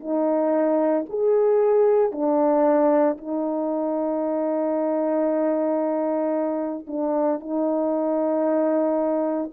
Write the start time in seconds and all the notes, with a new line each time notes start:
0.00 D#4
1.10 G#4
2.12 D4
3.18 D#4
6.87 D4
7.40 D#4